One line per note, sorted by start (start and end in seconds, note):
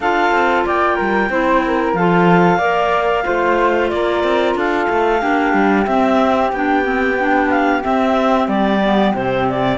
0.00 0.31 D4
0.00 1.30 F4
0.00 0.65 A4
0.00 0.66 F5
0.31 0.64 C4
0.66 0.99 A#3
0.66 0.96 D5
0.66 1.94 G5
0.96 1.29 G3
0.96 1.28 A#4
1.29 1.93 C4
1.29 1.95 E4
1.29 1.63 C5
1.66 1.98 A#4
1.93 2.58 F3
1.93 2.60 F4
1.93 2.57 A4
1.93 3.88 F5
2.57 3.24 A#3
2.57 3.23 A#4
2.57 3.23 D5
3.23 3.91 A3
3.23 5.19 F4
3.23 3.90 C5
3.88 4.23 A#3
3.88 4.57 A#4
3.88 4.54 D5
4.23 4.54 C4
4.54 4.87 D4
4.54 5.21 A4
4.54 5.85 F5
4.89 5.21 A3
5.20 5.53 A#3
5.20 5.86 D4
5.20 9.77 G4
5.53 5.86 G3
5.85 6.52 C4
5.85 6.53 C4
5.85 6.51 E5
6.52 7.83 B3
6.52 6.83 D4
6.52 7.49 G5
6.83 7.15 C4
7.19 7.82 D4
7.49 7.82 F5
7.82 8.79 C4
7.82 8.47 C4
7.82 8.48 E5
8.47 9.12 G3
8.47 9.13 D5
8.83 9.15 B3
9.14 9.77 C3
9.14 9.77 C4
9.14 9.47 C5
9.49 9.77 D5